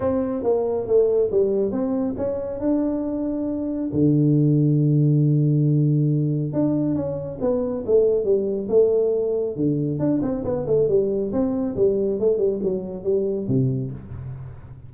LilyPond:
\new Staff \with { instrumentName = "tuba" } { \time 4/4 \tempo 4 = 138 c'4 ais4 a4 g4 | c'4 cis'4 d'2~ | d'4 d2.~ | d2. d'4 |
cis'4 b4 a4 g4 | a2 d4 d'8 c'8 | b8 a8 g4 c'4 g4 | a8 g8 fis4 g4 c4 | }